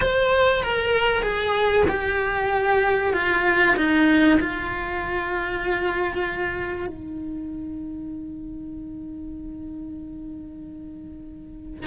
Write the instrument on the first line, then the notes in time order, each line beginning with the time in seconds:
cello
0.00 C5
0.62 A#4
1.22 G#4
1.88 G4
3.13 F4
3.76 D#4
4.39 F4
6.86 D#4